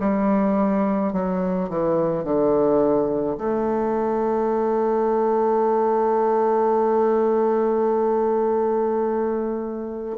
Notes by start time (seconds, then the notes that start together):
0.00 G3
1.13 F#3
1.69 E3
2.24 D3
3.38 A3